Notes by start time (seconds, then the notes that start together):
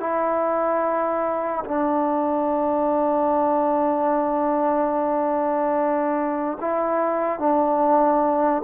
0.00 E4
1.65 D4
6.61 E4
7.39 D4